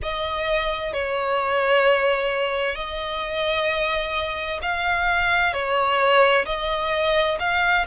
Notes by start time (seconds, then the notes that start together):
0.02 D#5
0.93 C#5
2.75 D#5
4.62 F5
5.53 C#5
6.45 D#5
7.39 F5